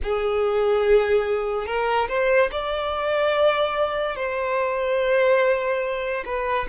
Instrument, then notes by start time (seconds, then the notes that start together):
violin
0.03 G#4
1.66 A#4
2.08 C5
2.52 D5
4.16 C5
6.25 B4